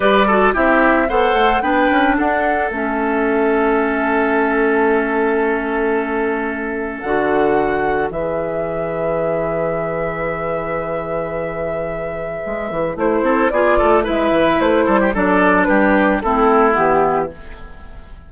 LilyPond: <<
  \new Staff \with { instrumentName = "flute" } { \time 4/4 \tempo 4 = 111 d''4 e''4 fis''4 g''4 | fis''4 e''2.~ | e''1~ | e''4 fis''2 e''4~ |
e''1~ | e''1 | c''4 d''4 e''4 c''4 | d''4 b'4 a'4 g'4 | }
  \new Staff \with { instrumentName = "oboe" } { \time 4/4 b'8 a'8 g'4 c''4 b'4 | a'1~ | a'1~ | a'2. b'4~ |
b'1~ | b'1~ | b'8 a'8 gis'8 a'8 b'4. a'16 g'16 | a'4 g'4 e'2 | }
  \new Staff \with { instrumentName = "clarinet" } { \time 4/4 g'8 fis'8 e'4 a'4 d'4~ | d'4 cis'2.~ | cis'1~ | cis'4 fis'2 gis'4~ |
gis'1~ | gis'1 | e'4 f'4 e'2 | d'2 c'4 b4 | }
  \new Staff \with { instrumentName = "bassoon" } { \time 4/4 g4 c'4 b8 a8 b8 cis'8 | d'4 a2.~ | a1~ | a4 d2 e4~ |
e1~ | e2. gis8 e8 | a8 c'8 b8 a8 gis8 e8 a8 g8 | fis4 g4 a4 e4 | }
>>